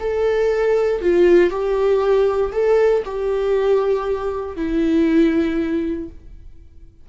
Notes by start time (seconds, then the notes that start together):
0.00 A4
1.01 F4
1.50 G4
2.52 A4
3.05 G4
4.56 E4